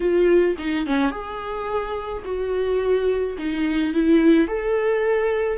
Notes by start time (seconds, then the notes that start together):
0.00 F4
0.58 D#4
0.86 C#4
1.11 G#4
2.24 F#4
3.38 D#4
3.93 E4
4.47 A4